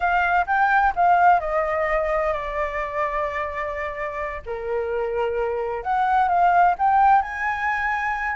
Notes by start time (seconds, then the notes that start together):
0.00 F5
0.46 G5
0.95 F5
1.40 D#5
2.32 D5
4.45 A#4
5.83 F#5
6.28 F5
6.78 G5
7.21 G#5